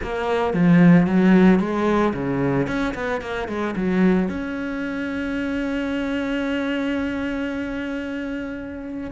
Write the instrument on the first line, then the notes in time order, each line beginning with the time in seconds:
cello
0.02 A#3
0.53 F3
1.06 F#3
1.59 G#3
2.13 C#3
2.67 C#4
2.94 B3
3.21 A#3
3.48 G#3
3.76 F#3
4.28 C#4